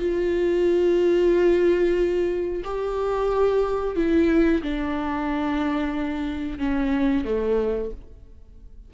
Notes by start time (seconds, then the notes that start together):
0.00 F4
2.65 G4
3.97 E4
4.62 D4
6.59 C#4
7.25 A3